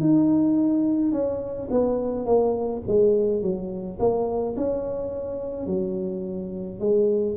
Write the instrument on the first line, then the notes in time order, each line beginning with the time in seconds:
tuba
0.00 D#4
1.12 C#4
1.70 B3
2.25 A#3
2.87 G#3
3.42 F#3
3.99 A#3
4.56 C#4
5.66 F#3
6.79 G#3